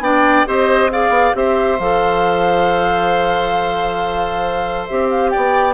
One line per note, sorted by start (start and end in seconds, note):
0.00 0.44 B3
0.00 0.46 D4
0.00 0.47 D5
0.00 0.47 G5
0.46 1.09 C4
0.46 0.90 G4
0.46 0.91 C5
0.46 0.91 D#5
0.91 1.34 G#4
0.91 1.36 D5
0.91 1.35 F5
1.09 1.31 B3
1.34 1.79 C4
1.34 1.78 G4
1.34 5.31 C5
1.34 1.79 E5
1.79 4.88 F3
1.79 4.89 A4
1.79 4.87 F5
4.87 5.34 C4
4.87 5.74 G4
4.87 5.09 E5
5.10 5.30 F5
5.30 5.74 D5
5.30 5.74 G5
5.36 5.74 B3